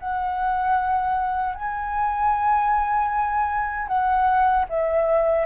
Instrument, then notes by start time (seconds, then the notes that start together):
flute
0.00 F#5
1.55 G#5
3.88 F#5
4.70 E5